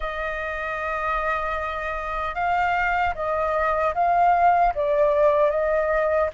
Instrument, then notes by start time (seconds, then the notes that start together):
flute
0.00 D#5
2.35 F5
3.14 D#5
3.94 F5
4.74 D5
5.50 D#5